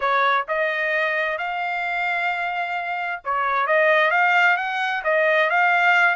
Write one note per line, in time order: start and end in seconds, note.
0.00 0.45 C#5
0.48 1.37 D#5
1.37 3.21 F5
3.24 3.66 C#5
3.66 4.11 D#5
4.11 4.56 F5
4.57 5.02 F#5
5.04 5.49 D#5
5.50 6.15 F5